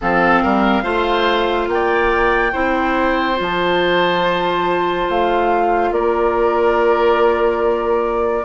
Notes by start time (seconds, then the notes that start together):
0.01 F3 C4 A4 F5
0.42 G3 A#4
0.83 A3 F4 C5
1.67 A#3 G5
1.73 D5
2.52 C4 E4 C5
3.34 F3 F4
3.41 A5
5.08 A3 F5
5.91 A#3 A#4 D5